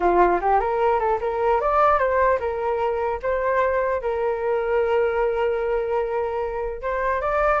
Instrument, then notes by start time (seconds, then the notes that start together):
flute
0.00 F4
0.41 G4
0.59 A#4
0.99 A4
1.21 A#4
1.60 D5
1.99 C5
2.39 A#4
3.22 C5
4.01 A#4
6.81 C5
7.21 D5